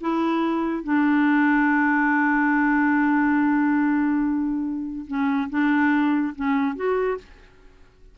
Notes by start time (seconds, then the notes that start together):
0.00 E4
0.83 D4
5.07 C#4
5.49 D4
6.35 C#4
6.75 F#4